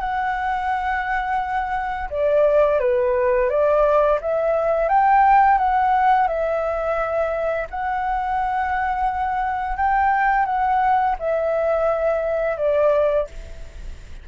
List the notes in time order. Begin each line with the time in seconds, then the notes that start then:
0.00 F#5
2.10 D5
2.80 B4
3.49 D5
4.21 E5
4.89 G5
5.58 F#5
6.28 E5
7.70 F#5
9.76 G5
10.46 F#5
11.19 E5
12.57 D5